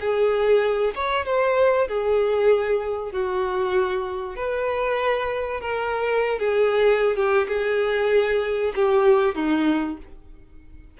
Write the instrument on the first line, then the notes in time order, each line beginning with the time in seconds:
violin
0.00 G#4
0.95 C#5
1.25 C5
1.88 G#4
3.12 F#4
4.36 B4
5.61 A#4
6.39 G#4
7.16 G4
7.48 G#4
8.75 G4
9.35 D#4